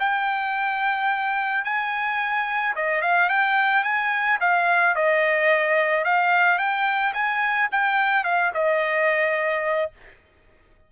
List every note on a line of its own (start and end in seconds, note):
0.00 1.65 G5
1.65 2.75 G#5
2.76 3.02 D#5
3.02 3.30 F5
3.30 3.84 G5
3.84 4.39 G#5
4.41 4.96 F5
4.96 6.05 D#5
6.05 6.59 F5
6.59 7.14 G5
7.14 7.69 G#5
7.72 8.24 G5
8.24 8.52 F5
8.54 9.92 D#5